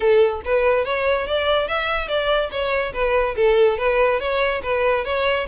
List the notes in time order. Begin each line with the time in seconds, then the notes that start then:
0.00 A4
0.45 B4
0.84 C#5
1.26 D5
1.68 E5
2.08 D5
2.51 C#5
2.93 B4
3.35 A4
3.78 B4
4.19 C#5
4.62 B4
5.04 C#5